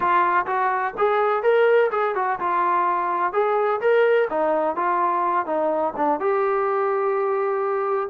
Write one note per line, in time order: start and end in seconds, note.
0.00 0.46 F4
0.46 0.94 F#4
0.97 1.42 G#4
1.42 1.90 A#4
1.91 2.15 G#4
2.15 2.39 F#4
2.39 3.32 F4
3.32 3.80 G#4
3.81 4.28 A#4
4.30 4.76 D#4
4.76 5.45 F4
5.45 5.93 D#4
5.96 6.20 D4
6.20 8.09 G4